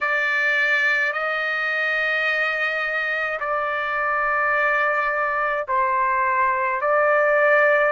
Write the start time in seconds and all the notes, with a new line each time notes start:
0.01 D5
1.13 D#5
3.40 D5
5.68 C5
6.81 D5